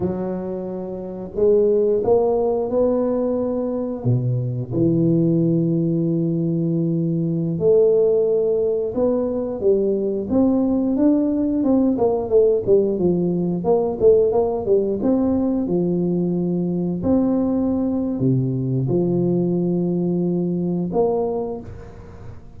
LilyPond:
\new Staff \with { instrumentName = "tuba" } { \time 4/4 \tempo 4 = 89 fis2 gis4 ais4 | b2 b,4 e4~ | e2.~ e16 a8.~ | a4~ a16 b4 g4 c'8.~ |
c'16 d'4 c'8 ais8 a8 g8 f8.~ | f16 ais8 a8 ais8 g8 c'4 f8.~ | f4~ f16 c'4.~ c'16 c4 | f2. ais4 | }